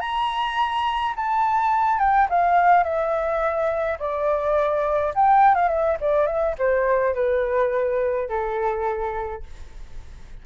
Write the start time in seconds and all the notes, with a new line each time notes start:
0.00 A#5
1.16 A5
1.99 G5
2.29 F5
2.83 E5
3.99 D5
5.15 G5
5.55 F5
5.68 E5
6.01 D5
6.26 E5
6.58 C5
7.14 B4
8.29 A4